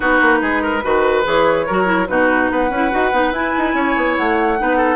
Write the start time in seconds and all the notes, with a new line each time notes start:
0.00 B3 D#4 F#4 B4
0.21 A#3
0.41 G#3 G#4
0.62 A#4
0.82 D#3 F#4 B4
1.24 E3 G#4 C#5
1.66 F#3 F#4 A#4
1.85 E4
2.07 B2 D#4 F#4 B4
2.50 B3 B4 F#5
2.70 C#4 E4
2.91 D#4 F#4
3.12 B3 D#4
3.31 E4 G#5
3.57 D#4
3.73 C#4 C#5
3.96 B3
4.16 A3 F#5
4.58 B3 D#4 B4
4.76 A4